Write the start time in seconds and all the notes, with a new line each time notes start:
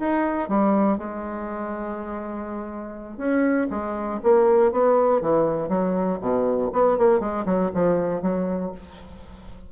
0.00 D#4
0.49 G3
0.98 G#3
3.18 C#4
3.71 G#3
4.23 A#3
4.72 B3
5.22 E3
5.69 F#3
6.21 B2
6.73 B3
6.98 A#3
7.20 G#3
7.46 F#3
7.75 F3
8.22 F#3